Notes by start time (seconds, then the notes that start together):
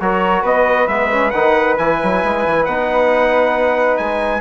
0.00 F#3 F#4 A#4 C#5
0.42 B3 B4 D#5
0.87 G#3 B3 E5
1.10 C#4
1.30 D#3 D#4 F#5
1.77 E3 E4 G#5
2.03 F#3
2.24 G#3
2.46 E3
2.65 B3 D#4 F#5
3.97 G#3 G#5